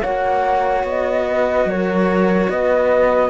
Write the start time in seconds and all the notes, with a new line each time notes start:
0.00 A#3 F#4 C#5 F#5
0.83 B3 D#5
1.27 B4
1.65 F#3 A#4 C#5
2.49 B3 B4 D#5